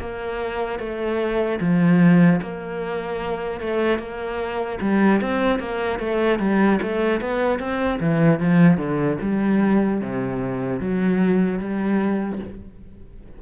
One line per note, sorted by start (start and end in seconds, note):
0.00 0.79 A#3
0.79 1.59 A3
1.60 2.40 F3
2.42 3.60 A#3
3.60 3.99 A3
3.99 4.79 A#3
4.81 5.21 G3
5.21 5.59 C4
5.59 5.99 A#3
5.99 6.39 A3
6.39 6.79 G3
6.82 7.21 A3
7.21 7.59 B3
7.59 7.99 C4
8.00 8.40 E3
8.40 8.77 F3
8.77 9.17 D3
9.21 10.01 G3
10.01 10.80 C3
10.80 11.59 F#3
11.59 12.39 G3